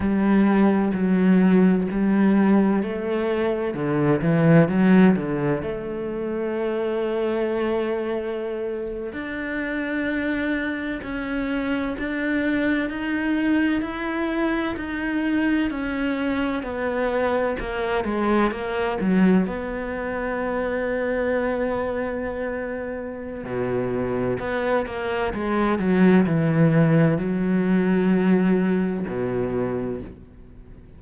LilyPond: \new Staff \with { instrumentName = "cello" } { \time 4/4 \tempo 4 = 64 g4 fis4 g4 a4 | d8 e8 fis8 d8 a2~ | a4.~ a16 d'2 cis'16~ | cis'8. d'4 dis'4 e'4 dis'16~ |
dis'8. cis'4 b4 ais8 gis8 ais16~ | ais16 fis8 b2.~ b16~ | b4 b,4 b8 ais8 gis8 fis8 | e4 fis2 b,4 | }